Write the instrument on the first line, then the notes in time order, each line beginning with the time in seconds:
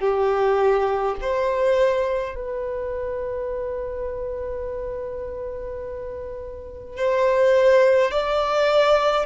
violin
0.00 G4
1.21 C5
2.35 B4
6.97 C5
8.12 D5